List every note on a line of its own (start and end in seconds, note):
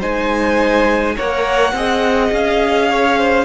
0.00 1.18 G#3
0.00 1.17 D#4
0.00 1.15 C5
0.00 1.18 G#5
1.17 1.73 A#3
1.17 1.75 A#4
1.17 1.75 C#5
1.17 2.34 F#5
1.73 2.31 C4
1.73 3.45 G#4
1.73 2.91 D#5
2.32 3.45 C#4
2.32 3.45 F5
2.91 3.19 C#5
3.19 3.45 C5